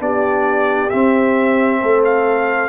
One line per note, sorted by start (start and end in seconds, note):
0.00 0.91 B3
0.00 0.90 D4
0.00 1.81 G4
0.00 0.90 D5
0.90 2.69 C4
0.90 1.82 C4
0.90 2.02 E5
1.81 2.69 A3
1.81 2.69 A4
2.05 2.69 F5